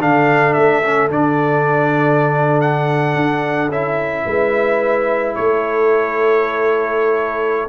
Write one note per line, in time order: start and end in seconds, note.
0.00 0.56 D3
0.00 0.83 D4
0.00 4.26 A4
0.00 0.53 F5
0.53 1.11 A3
0.53 1.08 E5
0.84 1.11 C#4
1.11 3.16 D3
1.11 3.72 D4
1.11 2.61 D5
2.61 3.71 F#5
3.16 3.69 D4
3.69 4.24 C#4
3.69 7.69 E4
3.69 5.35 E5
4.26 5.36 G#3
4.26 5.36 B4
5.35 7.69 A3
5.35 7.69 A4
5.35 7.69 C#5